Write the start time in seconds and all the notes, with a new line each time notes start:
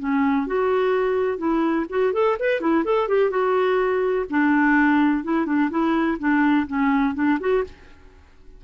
0.00 C#4
0.47 F#4
1.39 E4
1.90 F#4
2.14 A4
2.40 B4
2.61 E4
2.85 A4
3.08 G4
3.31 F#4
4.31 D4
5.24 E4
5.46 D4
5.71 E4
6.19 D4
6.68 C#4
7.15 D4
7.40 F#4